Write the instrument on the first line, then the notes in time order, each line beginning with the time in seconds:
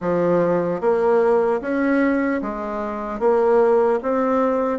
bassoon
0.00 F3
0.80 A#3
1.61 C#4
2.42 G#3
3.19 A#3
4.02 C4